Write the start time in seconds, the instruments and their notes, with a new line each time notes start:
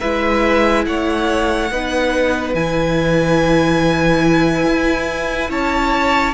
0.00 cello G#3, viola E4, violin B4 E5
0.86 cello A3, violin C#5 F#5
1.71 cello B3, viola D#4, violin B4
2.55 cello E3, viola E4, violin G#5
4.66 cello E4
5.50 cello C#4, violin C#5 A5